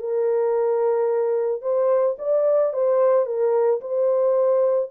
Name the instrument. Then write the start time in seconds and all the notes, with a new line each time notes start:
horn
0.00 A#4
1.62 C5
2.19 D5
2.73 C5
3.27 A#4
3.81 C5